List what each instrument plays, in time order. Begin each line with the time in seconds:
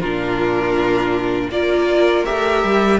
0.00 cello A#2, viola D4, violin F4 A#4
1.49 cello A#3, viola F4, violin A#4 D5
2.25 cello A3, viola G4, violin E5
2.63 cello G3